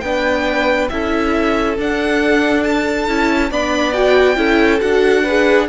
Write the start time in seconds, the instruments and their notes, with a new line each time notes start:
0.00 cello B3, viola D4, violin B4 G5
0.89 cello C#4, viola E4, violin A4 E5
1.77 cello D4, viola D4, violin F#5
2.63 violin A5
3.07 cello C#4, viola E4
3.50 cello B3, viola D4, violin D5 B5
3.93 viola F#4, violin G5
4.35 cello C#4, viola E4, violin A4
4.80 cello D4, viola F#4, violin F#5
5.23 viola G#4, violin B4